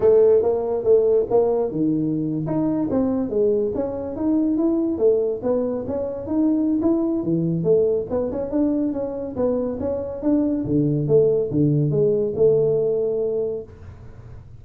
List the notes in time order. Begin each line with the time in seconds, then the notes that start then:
0.00 A3
0.42 A#3
0.83 A3
1.30 A#3
1.71 D#3
2.46 D#4
2.90 C4
3.29 G#3
3.74 C#4
4.16 D#4
4.57 E4
4.98 A3
5.42 B3
5.87 C#4
6.27 D#4
6.81 E4
7.23 E3
7.63 A3
8.09 B3
8.31 C#4
8.50 D4
8.92 C#4
9.35 B3
9.79 C#4
10.22 D4
10.65 D3
11.07 A3
11.50 D3
11.90 G#3
12.35 A3